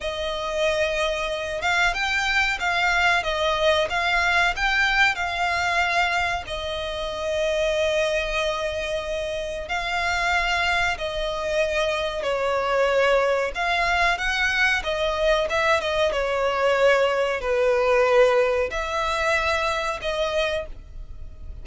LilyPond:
\new Staff \with { instrumentName = "violin" } { \time 4/4 \tempo 4 = 93 dis''2~ dis''8 f''8 g''4 | f''4 dis''4 f''4 g''4 | f''2 dis''2~ | dis''2. f''4~ |
f''4 dis''2 cis''4~ | cis''4 f''4 fis''4 dis''4 | e''8 dis''8 cis''2 b'4~ | b'4 e''2 dis''4 | }